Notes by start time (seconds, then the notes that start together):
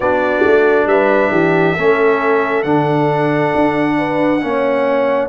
0.00 B3 D4 F#4 D5
0.45 A3
0.86 G3 B4 E5
1.30 E3 G4
1.75 A3 C#4 A4
2.62 D3 D4 F#5
3.55 D4
3.97 B4
4.41 A#3 C#4 C#5